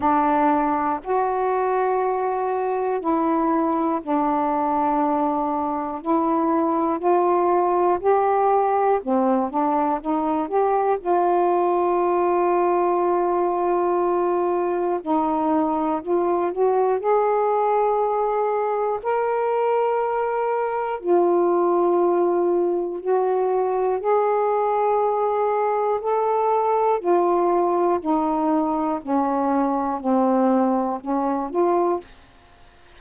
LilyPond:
\new Staff \with { instrumentName = "saxophone" } { \time 4/4 \tempo 4 = 60 d'4 fis'2 e'4 | d'2 e'4 f'4 | g'4 c'8 d'8 dis'8 g'8 f'4~ | f'2. dis'4 |
f'8 fis'8 gis'2 ais'4~ | ais'4 f'2 fis'4 | gis'2 a'4 f'4 | dis'4 cis'4 c'4 cis'8 f'8 | }